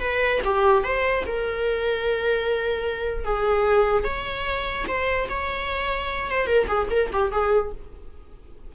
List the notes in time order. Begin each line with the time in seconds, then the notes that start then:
0.00 B4
0.44 G4
0.83 C5
1.26 A#4
3.25 G#4
4.04 C#5
4.88 C5
5.29 C#5
6.30 C5
6.46 A#4
6.67 G#4
6.90 A#4
7.12 G4
7.31 G#4